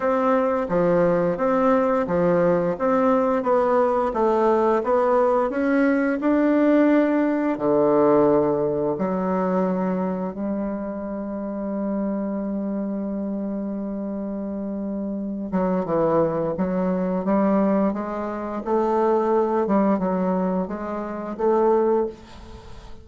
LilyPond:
\new Staff \with { instrumentName = "bassoon" } { \time 4/4 \tempo 4 = 87 c'4 f4 c'4 f4 | c'4 b4 a4 b4 | cis'4 d'2 d4~ | d4 fis2 g4~ |
g1~ | g2~ g8 fis8 e4 | fis4 g4 gis4 a4~ | a8 g8 fis4 gis4 a4 | }